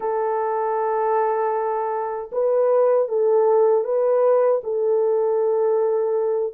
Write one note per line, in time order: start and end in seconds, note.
0.00 2.30 A4
2.31 3.08 B4
3.08 3.84 A4
3.84 4.61 B4
4.63 6.53 A4